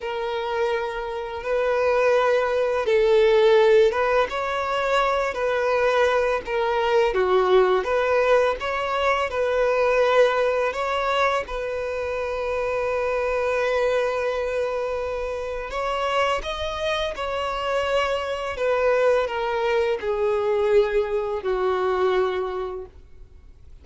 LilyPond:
\new Staff \with { instrumentName = "violin" } { \time 4/4 \tempo 4 = 84 ais'2 b'2 | a'4. b'8 cis''4. b'8~ | b'4 ais'4 fis'4 b'4 | cis''4 b'2 cis''4 |
b'1~ | b'2 cis''4 dis''4 | cis''2 b'4 ais'4 | gis'2 fis'2 | }